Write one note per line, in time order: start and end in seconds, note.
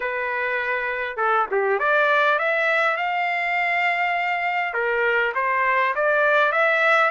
0.00 1.16 B4
1.16 1.46 A4
1.51 1.79 G4
1.79 2.38 D5
2.38 2.96 E5
2.96 4.73 F5
4.73 5.32 A#4
5.35 5.94 C5
5.95 6.52 D5
6.52 7.10 E5